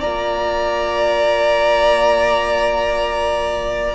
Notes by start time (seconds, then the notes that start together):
0.00 A#3 F4 D5 A#5